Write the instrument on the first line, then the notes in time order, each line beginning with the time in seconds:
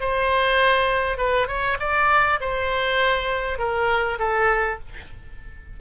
oboe
0.00 C5
1.18 B4
1.48 C#5
1.80 D5
2.41 C5
3.58 A#4
4.19 A4